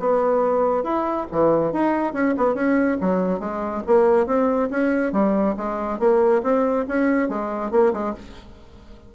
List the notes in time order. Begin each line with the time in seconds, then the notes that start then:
0.00 B3
0.84 E4
1.32 E3
1.73 D#4
2.14 C#4
2.38 B3
2.55 C#4
3.01 F#3
3.40 G#3
3.87 A#3
4.27 C4
4.71 C#4
5.13 G3
5.57 G#3
6.00 A#3
6.43 C4
6.88 C#4
7.29 G#3
7.72 A#3
7.94 G#3